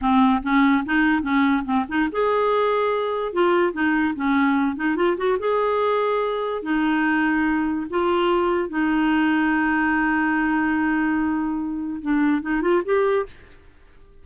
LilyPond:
\new Staff \with { instrumentName = "clarinet" } { \time 4/4 \tempo 4 = 145 c'4 cis'4 dis'4 cis'4 | c'8 dis'8 gis'2. | f'4 dis'4 cis'4. dis'8 | f'8 fis'8 gis'2. |
dis'2. f'4~ | f'4 dis'2.~ | dis'1~ | dis'4 d'4 dis'8 f'8 g'4 | }